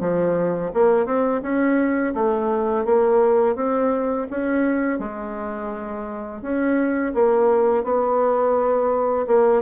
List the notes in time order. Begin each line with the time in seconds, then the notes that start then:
0.00 F3
0.74 A#3
1.06 C4
1.43 C#4
2.14 A3
2.85 A#3
3.56 C4
4.30 C#4
4.99 G#3
6.42 C#4
7.14 A#3
7.84 B3
9.27 A#3